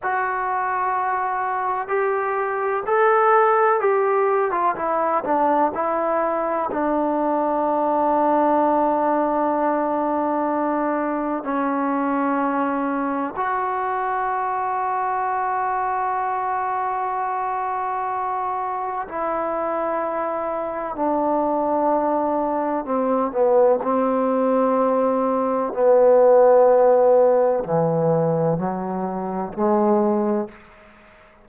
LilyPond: \new Staff \with { instrumentName = "trombone" } { \time 4/4 \tempo 4 = 63 fis'2 g'4 a'4 | g'8. f'16 e'8 d'8 e'4 d'4~ | d'1 | cis'2 fis'2~ |
fis'1 | e'2 d'2 | c'8 b8 c'2 b4~ | b4 e4 fis4 gis4 | }